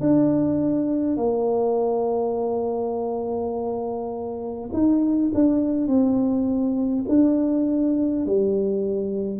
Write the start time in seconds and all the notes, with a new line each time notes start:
0.00 D4
1.17 A#3
4.73 D#4
5.34 D4
5.88 C4
7.09 D4
8.26 G3